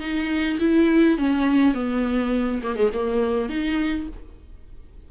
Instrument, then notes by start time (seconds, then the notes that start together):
viola
0.00 D#4
0.60 E4
1.18 C#4
1.74 B3
2.63 A#3
2.76 G#3
2.94 A#3
3.49 D#4